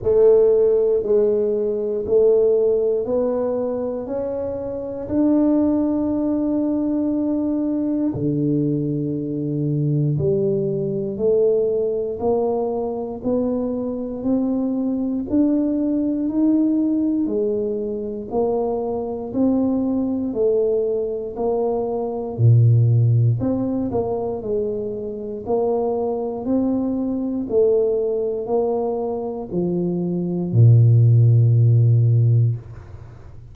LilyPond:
\new Staff \with { instrumentName = "tuba" } { \time 4/4 \tempo 4 = 59 a4 gis4 a4 b4 | cis'4 d'2. | d2 g4 a4 | ais4 b4 c'4 d'4 |
dis'4 gis4 ais4 c'4 | a4 ais4 ais,4 c'8 ais8 | gis4 ais4 c'4 a4 | ais4 f4 ais,2 | }